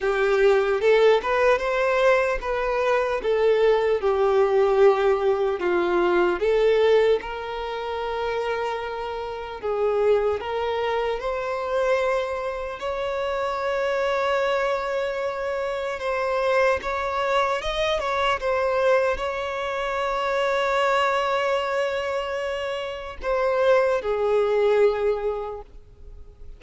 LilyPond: \new Staff \with { instrumentName = "violin" } { \time 4/4 \tempo 4 = 75 g'4 a'8 b'8 c''4 b'4 | a'4 g'2 f'4 | a'4 ais'2. | gis'4 ais'4 c''2 |
cis''1 | c''4 cis''4 dis''8 cis''8 c''4 | cis''1~ | cis''4 c''4 gis'2 | }